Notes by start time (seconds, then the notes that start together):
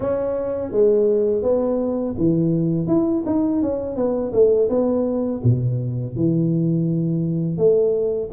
0.00 C#4
0.71 G#3
1.42 B3
2.17 E3
2.87 E4
3.26 D#4
3.61 C#4
3.96 B3
4.32 A3
4.69 B3
5.43 B2
6.15 E3
7.57 A3